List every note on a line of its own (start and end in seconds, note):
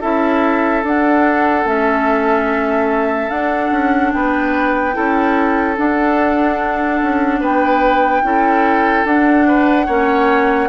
0.00 0.83 C#4
0.00 0.83 E4
0.00 4.11 A4
0.00 0.83 E5
0.83 1.65 D4
0.83 1.67 F#5
1.65 3.29 A3
1.65 3.30 C#4
1.65 3.29 E5
3.29 3.70 D4
3.29 4.93 D4
3.29 4.12 F#5
3.71 4.12 C#4
4.12 4.96 B3
4.12 4.95 B4
4.12 5.77 G5
4.93 5.78 C#4
4.93 5.75 E4
4.93 7.40 A4
5.76 8.23 D4
5.76 7.01 D4
5.76 7.42 F#5
7.02 7.40 C#4
7.40 8.22 B3
7.40 8.22 B4
7.40 9.06 G5
8.23 9.05 C#4
8.23 9.05 E4
8.23 9.47 A4
9.05 9.87 D4
9.05 9.88 D4
9.05 10.69 F#5
9.47 9.86 B4
9.86 10.69 A#3
9.86 10.69 C#4
9.86 10.68 C#5